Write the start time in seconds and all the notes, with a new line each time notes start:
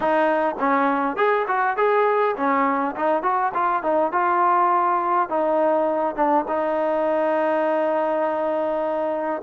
0.00 D#4
0.59 C#4
1.16 G#4
1.47 F#4
1.76 G#4
2.36 C#4
2.96 D#4
3.22 F#4
3.54 F4
3.82 D#4
4.12 F4
5.29 D#4
6.15 D4
6.47 D#4